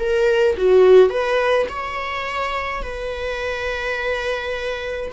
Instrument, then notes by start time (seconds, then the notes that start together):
viola
0.00 A#4
0.58 F#4
1.10 B4
1.70 C#5
2.83 B4